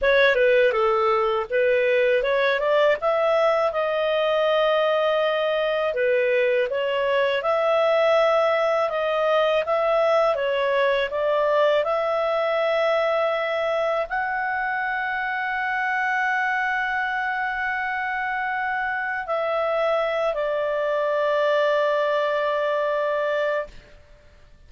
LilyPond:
\new Staff \with { instrumentName = "clarinet" } { \time 4/4 \tempo 4 = 81 cis''8 b'8 a'4 b'4 cis''8 d''8 | e''4 dis''2. | b'4 cis''4 e''2 | dis''4 e''4 cis''4 d''4 |
e''2. fis''4~ | fis''1~ | fis''2 e''4. d''8~ | d''1 | }